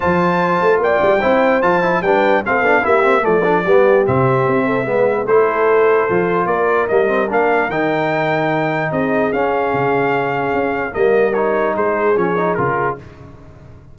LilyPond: <<
  \new Staff \with { instrumentName = "trumpet" } { \time 4/4 \tempo 4 = 148 a''2 g''2 | a''4 g''4 f''4 e''4 | d''2 e''2~ | e''4 c''2. |
d''4 dis''4 f''4 g''4~ | g''2 dis''4 f''4~ | f''2. dis''4 | cis''4 c''4 cis''4 ais'4 | }
  \new Staff \with { instrumentName = "horn" } { \time 4/4 c''2 d''4 c''4~ | c''4 b'4 a'4 g'4 | a'4 g'2~ g'8 a'8 | b'4 a'2. |
ais'1~ | ais'2 gis'2~ | gis'2. ais'4~ | ais'4 gis'2. | }
  \new Staff \with { instrumentName = "trombone" } { \time 4/4 f'2. e'4 | f'8 e'8 d'4 c'8 d'8 e'8 c'8 | a8 d'8 b4 c'2 | b4 e'2 f'4~ |
f'4 ais8 c'8 d'4 dis'4~ | dis'2. cis'4~ | cis'2. ais4 | dis'2 cis'8 dis'8 f'4 | }
  \new Staff \with { instrumentName = "tuba" } { \time 4/4 f4. a8 ais8 g8 c'4 | f4 g4 a8 b8 ais4 | f4 g4 c4 c'4 | gis4 a2 f4 |
ais4 g4 ais4 dis4~ | dis2 c'4 cis'4 | cis2 cis'4 g4~ | g4 gis4 f4 cis4 | }
>>